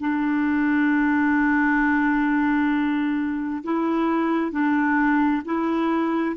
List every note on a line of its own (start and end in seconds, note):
0.00 3.64 D4
3.64 4.52 E4
4.52 5.43 D4
5.45 6.36 E4